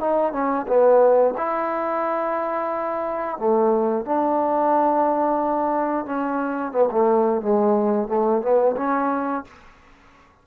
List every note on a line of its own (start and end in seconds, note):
0.00 0.32 D#4
0.32 0.66 C#4
0.67 1.35 B3
1.38 3.38 E4
3.38 4.05 A3
4.05 6.06 D4
6.06 6.72 C#4
6.72 6.89 B3
6.91 7.42 A3
7.42 8.08 G#3
8.08 8.42 A3
8.42 8.76 B3
8.77 9.44 C#4